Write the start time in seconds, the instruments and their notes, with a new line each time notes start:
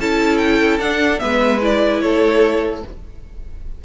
0.00 cello C#4, viola E4, violin A4 A5
0.37 violin G5
0.79 cello D4, viola D4, violin F#5
1.19 cello G#3, viola B3, violin B4 E5
1.61 viola E4, violin D5
2.01 cello A3, violin A4 C#5